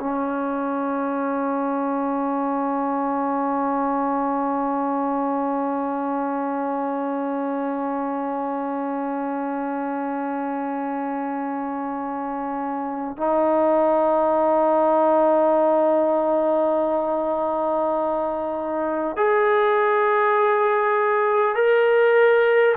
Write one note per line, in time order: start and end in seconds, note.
0.00 13.17 C#4
13.17 19.17 D#4
19.17 21.56 G#4
21.56 22.76 A#4